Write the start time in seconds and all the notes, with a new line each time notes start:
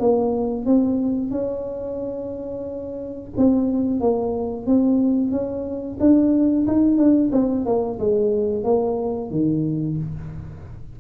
0.00 A#3
0.66 C4
1.31 C#4
3.38 C4
4.01 A#3
4.67 C4
5.32 C#4
6.00 D4
6.67 D#4
6.98 D4
7.32 C4
7.66 A#3
7.99 G#3
8.64 A#3
9.31 D#3